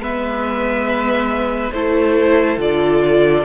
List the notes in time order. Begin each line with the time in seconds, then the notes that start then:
0.00 G#3 B3 B4 E5
1.72 A3 E4 A4 C5
2.57 D3 F4 D5